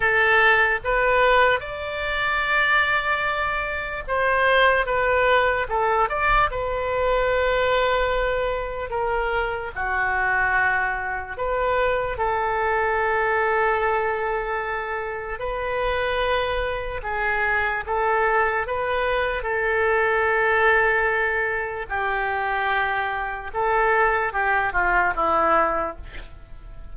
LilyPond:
\new Staff \with { instrumentName = "oboe" } { \time 4/4 \tempo 4 = 74 a'4 b'4 d''2~ | d''4 c''4 b'4 a'8 d''8 | b'2. ais'4 | fis'2 b'4 a'4~ |
a'2. b'4~ | b'4 gis'4 a'4 b'4 | a'2. g'4~ | g'4 a'4 g'8 f'8 e'4 | }